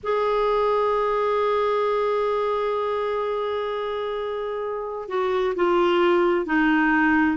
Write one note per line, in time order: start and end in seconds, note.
0.03 5.08 G#4
5.08 5.54 F#4
5.56 6.46 F4
6.46 7.37 D#4